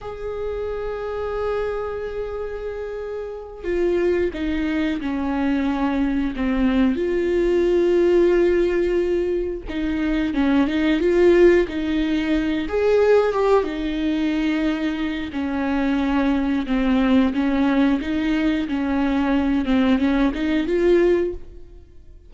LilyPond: \new Staff \with { instrumentName = "viola" } { \time 4/4 \tempo 4 = 90 gis'1~ | gis'4. f'4 dis'4 cis'8~ | cis'4. c'4 f'4.~ | f'2~ f'8 dis'4 cis'8 |
dis'8 f'4 dis'4. gis'4 | g'8 dis'2~ dis'8 cis'4~ | cis'4 c'4 cis'4 dis'4 | cis'4. c'8 cis'8 dis'8 f'4 | }